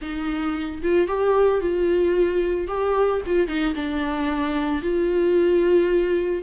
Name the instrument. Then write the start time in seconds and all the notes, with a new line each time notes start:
viola
0.01 D#4
0.82 F4
1.07 G4
1.60 F4
2.67 G4
3.26 F4
3.47 D#4
3.75 D4
4.82 F4